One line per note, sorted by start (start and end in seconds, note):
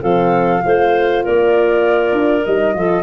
0.00 0.64 F3
0.00 0.61 C4
0.00 0.62 A4
0.00 1.24 F5
0.63 1.25 A3
0.63 2.45 F4
0.63 1.24 C5
1.24 2.12 A#3
1.24 2.75 A#4
1.24 2.44 D5
2.12 2.43 D4
2.44 2.74 G3
2.44 2.73 D#4
2.44 3.03 D#5
2.73 3.03 F3
2.73 3.03 F4
2.73 3.03 A4